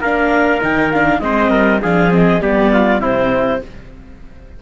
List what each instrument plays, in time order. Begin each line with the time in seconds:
0.00 cello A#3, viola D4, trumpet A#4, clarinet F5
0.61 cello D#3, viola D#4, clarinet G5
0.92 viola D4, clarinet F5
1.20 cello G#3, viola C4, trumpet C5, clarinet D#5
1.50 cello G3, trumpet A#4
1.82 cello F3, viola D4, trumpet G#4, clarinet F5
2.11 viola C4, clarinet D#5
2.41 cello G3, viola B3, trumpet G4, clarinet D5
2.73 trumpet F4
3.00 cello C3, viola C4, trumpet E4, clarinet C5